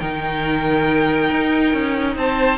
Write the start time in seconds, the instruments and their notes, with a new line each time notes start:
0.00 cello D#3, viola D#4, violin A#4 G5
1.31 cello D#4
1.74 cello C#4
2.17 cello C4, violin C5 A5